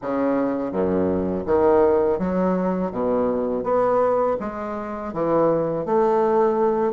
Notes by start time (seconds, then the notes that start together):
0.02 C#3
0.72 F#2
1.45 D#3
2.18 F#3
2.91 B2
3.63 B3
4.39 G#3
5.13 E3
5.85 A3